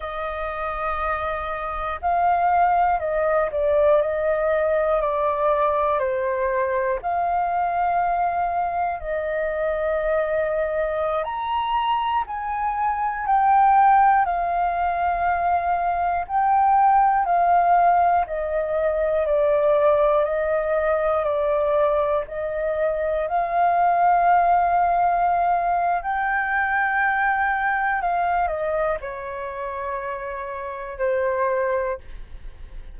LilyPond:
\new Staff \with { instrumentName = "flute" } { \time 4/4 \tempo 4 = 60 dis''2 f''4 dis''8 d''8 | dis''4 d''4 c''4 f''4~ | f''4 dis''2~ dis''16 ais''8.~ | ais''16 gis''4 g''4 f''4.~ f''16~ |
f''16 g''4 f''4 dis''4 d''8.~ | d''16 dis''4 d''4 dis''4 f''8.~ | f''2 g''2 | f''8 dis''8 cis''2 c''4 | }